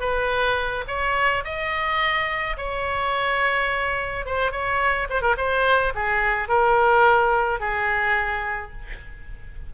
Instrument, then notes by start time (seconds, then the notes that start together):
oboe
0.00 B4
0.88 C#5
1.44 D#5
2.57 C#5
4.26 C5
4.51 C#5
5.10 C5
5.21 A#4
5.37 C5
5.95 G#4
6.48 A#4
7.60 G#4